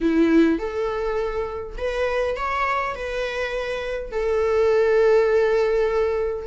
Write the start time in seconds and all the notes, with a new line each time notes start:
0.01 E4
0.59 A4
1.77 B4
2.36 C#5
2.95 B4
4.11 A4